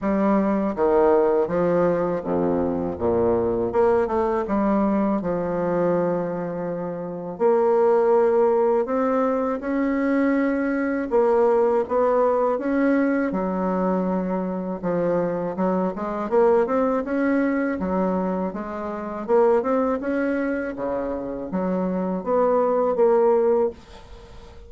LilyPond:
\new Staff \with { instrumentName = "bassoon" } { \time 4/4 \tempo 4 = 81 g4 dis4 f4 f,4 | ais,4 ais8 a8 g4 f4~ | f2 ais2 | c'4 cis'2 ais4 |
b4 cis'4 fis2 | f4 fis8 gis8 ais8 c'8 cis'4 | fis4 gis4 ais8 c'8 cis'4 | cis4 fis4 b4 ais4 | }